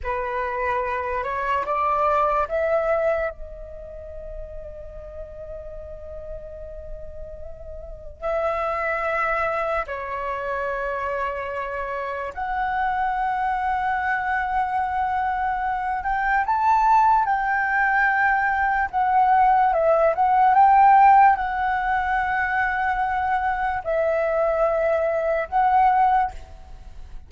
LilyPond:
\new Staff \with { instrumentName = "flute" } { \time 4/4 \tempo 4 = 73 b'4. cis''8 d''4 e''4 | dis''1~ | dis''2 e''2 | cis''2. fis''4~ |
fis''2.~ fis''8 g''8 | a''4 g''2 fis''4 | e''8 fis''8 g''4 fis''2~ | fis''4 e''2 fis''4 | }